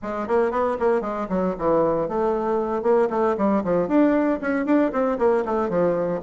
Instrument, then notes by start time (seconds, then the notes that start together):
bassoon
0.02 G#3
0.27 A#3
0.51 B3
0.79 A#3
1.01 G#3
1.29 F#3
1.58 E3
2.08 A3
2.82 A#3
3.10 A3
3.37 G3
3.63 F3
3.88 D4
4.41 C#4
4.65 D4
4.92 C4
5.18 A#3
5.45 A3
5.69 F3